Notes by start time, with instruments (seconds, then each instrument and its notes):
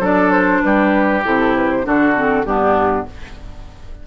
0.00 bassoon F#3, clarinet D4, oboe A4, flute D5
0.31 flute C5
0.62 bassoon G3, oboe G4, flute B4
1.24 bassoon C3, clarinet E4, flute A4
1.56 flute B4
1.71 flute C5
1.83 bassoon D3, clarinet D4, oboe F#4, flute A4
2.15 clarinet C4
2.45 bassoon G2, clarinet B3, oboe D4, flute G4